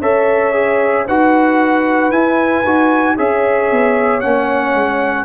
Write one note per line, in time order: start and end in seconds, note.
0.00 1.05 C#4
0.00 0.53 A4
0.00 1.05 C#5
0.00 1.06 E5
0.53 1.05 G#4
1.05 2.10 D#4
1.05 2.11 F#4
1.05 3.16 B4
1.05 2.11 F#5
2.10 2.62 E4
2.10 2.64 E4
2.10 3.16 G#5
2.64 3.17 D#4
2.64 3.17 F#4
3.16 3.71 C#4
3.16 4.21 G#4
3.16 5.24 C#5
3.16 4.20 E5
3.71 4.23 B3
4.20 4.74 A#3
4.20 5.24 C#4
4.20 5.24 F#5
4.74 5.24 G#3